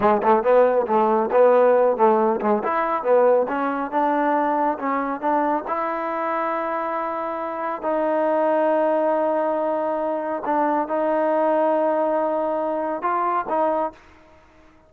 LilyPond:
\new Staff \with { instrumentName = "trombone" } { \time 4/4 \tempo 4 = 138 gis8 a8 b4 a4 b4~ | b8 a4 gis8 e'4 b4 | cis'4 d'2 cis'4 | d'4 e'2.~ |
e'2 dis'2~ | dis'1 | d'4 dis'2.~ | dis'2 f'4 dis'4 | }